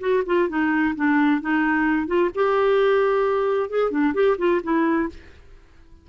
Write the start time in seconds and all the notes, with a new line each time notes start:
0.00 F#4
0.26 F4
0.49 D#4
0.95 D4
1.41 D#4
2.07 F4
2.35 G4
3.70 G#4
3.91 D4
4.14 G4
4.38 F4
4.63 E4